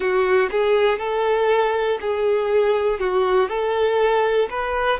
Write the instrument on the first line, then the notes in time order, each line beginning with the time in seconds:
violin
0.00 F#4
0.51 G#4
0.99 A4
2.00 G#4
2.99 F#4
3.48 A4
4.50 B4